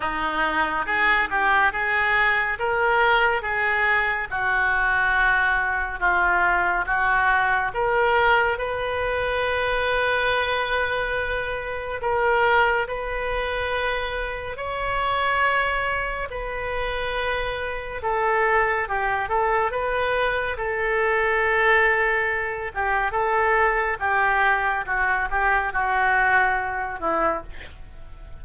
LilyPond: \new Staff \with { instrumentName = "oboe" } { \time 4/4 \tempo 4 = 70 dis'4 gis'8 g'8 gis'4 ais'4 | gis'4 fis'2 f'4 | fis'4 ais'4 b'2~ | b'2 ais'4 b'4~ |
b'4 cis''2 b'4~ | b'4 a'4 g'8 a'8 b'4 | a'2~ a'8 g'8 a'4 | g'4 fis'8 g'8 fis'4. e'8 | }